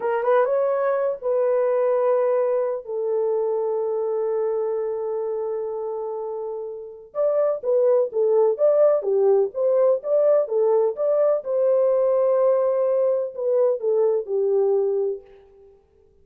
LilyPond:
\new Staff \with { instrumentName = "horn" } { \time 4/4 \tempo 4 = 126 ais'8 b'8 cis''4. b'4.~ | b'2 a'2~ | a'1~ | a'2. d''4 |
b'4 a'4 d''4 g'4 | c''4 d''4 a'4 d''4 | c''1 | b'4 a'4 g'2 | }